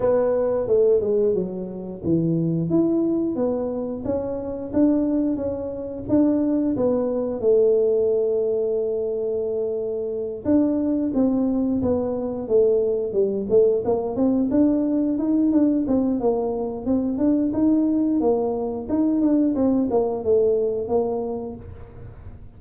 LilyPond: \new Staff \with { instrumentName = "tuba" } { \time 4/4 \tempo 4 = 89 b4 a8 gis8 fis4 e4 | e'4 b4 cis'4 d'4 | cis'4 d'4 b4 a4~ | a2.~ a8 d'8~ |
d'8 c'4 b4 a4 g8 | a8 ais8 c'8 d'4 dis'8 d'8 c'8 | ais4 c'8 d'8 dis'4 ais4 | dis'8 d'8 c'8 ais8 a4 ais4 | }